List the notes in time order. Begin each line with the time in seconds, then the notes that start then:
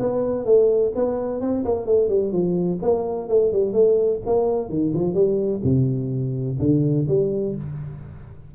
0.00 B3
0.46 A3
0.96 B3
1.41 C4
1.65 A#3
1.87 A3
2.09 G3
2.32 F3
2.82 A#3
3.29 A3
3.53 G3
3.73 A3
4.26 A#3
4.70 D#3
4.95 F3
5.15 G3
5.64 C3
6.59 D3
7.08 G3